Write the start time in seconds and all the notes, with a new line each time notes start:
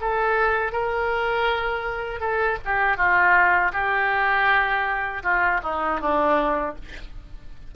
0.00 A4
0.72 A#4
2.20 A4
2.65 G4
2.96 F4
3.72 G4
5.23 F4
5.62 D#4
6.00 D4